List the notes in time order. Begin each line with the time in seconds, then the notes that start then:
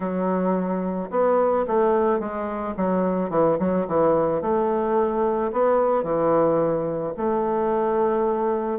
0.00 F#3
1.10 B3
1.67 A3
2.19 G#3
2.76 F#3
3.30 E3
3.59 F#3
3.87 E3
4.41 A3
5.52 B3
6.03 E3
7.17 A3